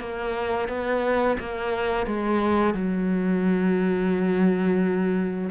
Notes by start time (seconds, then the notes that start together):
0.00 A#3
0.68 B3
1.39 A#3
2.06 G#3
2.74 F#3